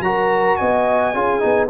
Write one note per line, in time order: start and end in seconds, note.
0.00 0.56 F#3
0.00 1.15 F#4
0.00 0.59 A#4
0.00 0.57 A#5
0.57 1.15 B3
0.57 1.14 D#5
0.57 1.68 G#5
1.14 1.42 C#4
1.14 1.40 F4
1.14 1.70 G#4
1.40 1.70 B3
1.40 1.68 D#4